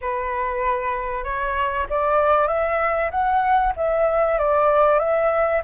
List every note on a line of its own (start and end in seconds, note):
0.01 1.23 B4
1.23 1.86 C#5
1.89 2.47 D5
2.47 3.10 E5
3.11 3.73 F#5
3.76 4.38 E5
4.38 4.99 D5
4.99 5.61 E5